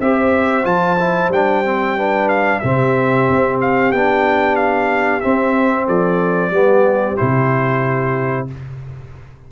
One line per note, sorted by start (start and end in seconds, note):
0.00 0.65 C4
0.00 0.64 G4
0.00 1.96 C5
0.00 0.65 E5
0.64 1.29 F3
0.64 0.97 F4
0.64 1.31 A5
0.99 1.32 E4
1.29 2.59 G3
1.29 1.65 D4
1.29 2.29 G5
1.65 1.97 C4
1.96 2.63 D4
1.96 2.61 B4
2.29 2.59 F5
2.59 3.29 C3
2.59 3.94 C4
2.59 5.86 G4
2.59 3.57 E5
3.29 3.92 C4
3.61 3.92 F5
3.92 5.23 B3
3.92 5.22 D4
3.92 4.56 G5
4.56 5.21 F5
5.21 6.52 C4
5.21 5.88 C4
5.21 5.86 E5
5.86 6.51 F3
5.86 6.51 A4
5.86 7.17 D5
6.51 7.16 G3
6.51 7.17 B3
6.51 8.47 G4
7.17 8.51 C3
7.17 8.48 E4
7.17 8.47 C5